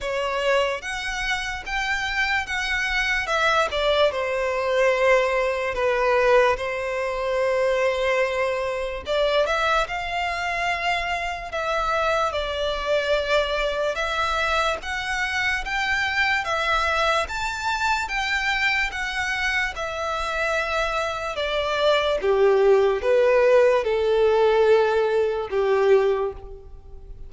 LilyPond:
\new Staff \with { instrumentName = "violin" } { \time 4/4 \tempo 4 = 73 cis''4 fis''4 g''4 fis''4 | e''8 d''8 c''2 b'4 | c''2. d''8 e''8 | f''2 e''4 d''4~ |
d''4 e''4 fis''4 g''4 | e''4 a''4 g''4 fis''4 | e''2 d''4 g'4 | b'4 a'2 g'4 | }